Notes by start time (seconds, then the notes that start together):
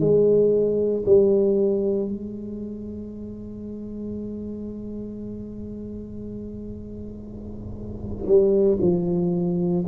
0.00 G#3
1.05 G3
2.08 G#3
8.26 G3
8.81 F3